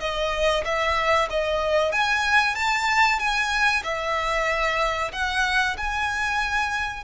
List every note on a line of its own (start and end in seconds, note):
0.00 0.64 D#5
0.65 1.29 E5
1.30 1.92 D#5
1.92 2.55 G#5
2.55 3.19 A5
3.19 3.83 G#5
3.84 5.12 E5
5.12 5.76 F#5
5.77 7.04 G#5